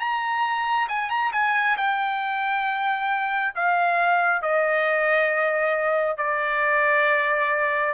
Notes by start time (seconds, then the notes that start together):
0.00 A#5
0.89 G#5
1.10 A#5
1.33 G#5
1.78 G5
3.56 F5
4.42 D#5
6.18 D5